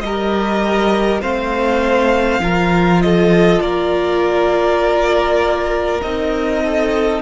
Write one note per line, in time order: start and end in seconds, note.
0.00 1.22 G3
0.00 1.21 G4
0.00 1.21 A#4
0.00 1.20 D#5
1.21 2.39 A3
1.21 2.41 C4
1.21 2.41 C5
1.21 3.02 F5
2.39 3.59 F3
2.39 6.00 F4
2.39 3.03 A#4
3.02 3.63 A4
3.02 3.61 D#5
3.61 6.01 A#3
3.61 6.63 A#4
3.61 6.01 D5
6.02 7.22 C4
6.02 7.22 D#4
6.02 7.22 D#5
6.63 7.22 A4